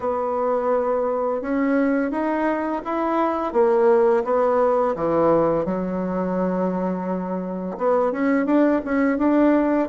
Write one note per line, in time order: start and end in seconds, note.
0.00 1.41 B3
1.41 2.11 C#4
2.11 2.81 D#4
2.84 3.53 E4
3.53 4.23 A#3
4.24 4.95 B3
4.95 5.65 E3
5.65 7.76 F#3
7.77 8.11 B3
8.11 8.45 C#4
8.45 8.81 D4
8.85 9.18 C#4
9.18 9.88 D4